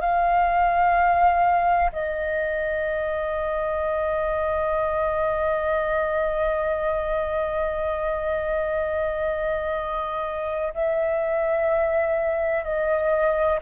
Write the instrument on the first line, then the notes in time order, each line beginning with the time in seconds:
flute
0.00 F5
1.92 D#5
10.74 E5
12.64 D#5